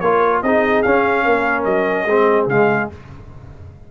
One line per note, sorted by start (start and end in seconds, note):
0.00 0.42 A#3
0.00 0.45 F4
0.00 0.43 A#4
0.00 0.41 C#5
0.42 0.84 C4
0.42 0.85 D#4
0.42 1.24 G#4
0.42 0.82 D#5
0.82 2.07 C#4
0.82 1.26 C#4
0.82 1.64 F5
1.24 1.65 A#3
1.24 2.05 A#4
1.64 2.06 F#3
1.64 2.46 D#5
2.05 2.46 G#3
2.05 2.50 C4
2.05 2.87 G#4
2.46 2.87 C#3
2.46 2.91 G#3
2.46 2.90 F5